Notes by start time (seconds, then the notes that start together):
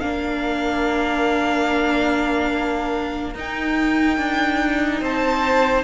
0.00 A#3 D4 A#4 F5
3.34 D#4 G5
4.17 D4
5.01 C4 C5 A5